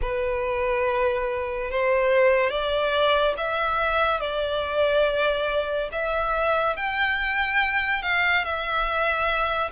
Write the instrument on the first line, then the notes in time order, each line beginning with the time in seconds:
violin
0.01 B4
1.71 C5
2.50 D5
3.36 E5
4.20 D5
5.92 E5
6.76 G5
8.02 F5
8.44 E5